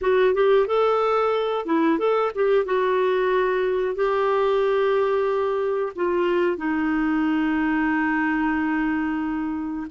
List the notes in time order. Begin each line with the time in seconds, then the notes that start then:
0.01 F#4
0.34 G4
0.66 A4
1.65 E4
1.98 A4
2.34 G4
2.65 F#4
3.95 G4
5.95 F4
6.57 D#4